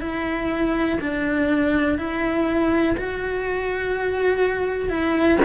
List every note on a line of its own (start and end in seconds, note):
0.00 0.98 E4
1.00 1.97 D4
1.97 2.96 E4
2.97 4.89 F#4
4.89 5.38 E4